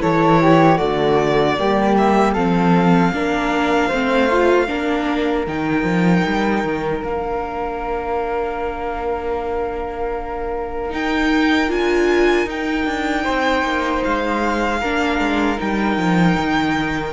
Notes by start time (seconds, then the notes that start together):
0.00 E3 E4 A4 C#5
0.42 G4
0.77 D3 A3 F#4 D5
1.58 G3 A#3 G4
1.97 E5
2.34 F3 C4 A4 F5
3.12 A#3 D4 A#4
3.88 A3 C4 C5
4.31 F4
4.67 A#3 D4 A#4
5.47 D#3 D#4 G5
5.83 F3
6.27 G3
6.64 D#3
7.01 A#3 D4 F5
10.90 D#4 G5
11.68 D4 F4 G#5
12.46 D#4 G5
12.86 D4
13.23 C4 C5
13.63 A#3
14.04 G#3 F5
14.80 A#3 D4 A#4
15.19 G#3
15.57 G3 D#4 G5
15.97 F3
16.38 D#3